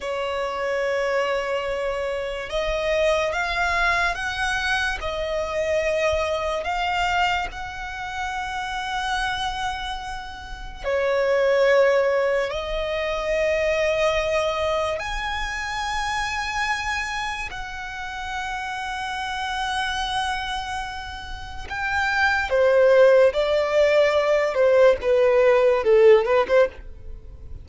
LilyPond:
\new Staff \with { instrumentName = "violin" } { \time 4/4 \tempo 4 = 72 cis''2. dis''4 | f''4 fis''4 dis''2 | f''4 fis''2.~ | fis''4 cis''2 dis''4~ |
dis''2 gis''2~ | gis''4 fis''2.~ | fis''2 g''4 c''4 | d''4. c''8 b'4 a'8 b'16 c''16 | }